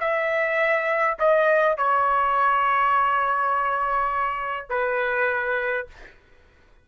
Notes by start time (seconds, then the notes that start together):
0.00 E5
1.19 D#5
1.78 C#5
4.70 B4